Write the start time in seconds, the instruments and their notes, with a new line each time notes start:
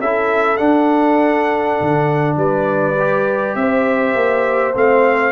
0.00 tuba C#4, trombone E4, horn A4, trumpet E5
0.57 trombone D4, tuba D4, trumpet F#5
1.81 tuba D3
2.36 tuba G3, horn B4, trumpet D5
3.00 trombone G4
3.55 tuba C4, horn C5, trumpet E5
4.15 tuba A#3
4.74 tuba A3, trombone C4, trumpet F5